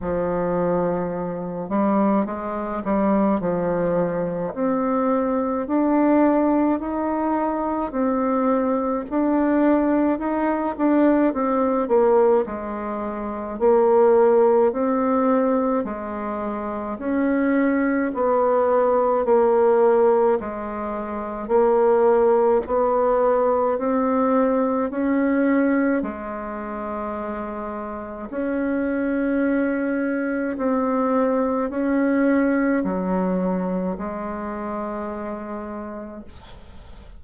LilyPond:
\new Staff \with { instrumentName = "bassoon" } { \time 4/4 \tempo 4 = 53 f4. g8 gis8 g8 f4 | c'4 d'4 dis'4 c'4 | d'4 dis'8 d'8 c'8 ais8 gis4 | ais4 c'4 gis4 cis'4 |
b4 ais4 gis4 ais4 | b4 c'4 cis'4 gis4~ | gis4 cis'2 c'4 | cis'4 fis4 gis2 | }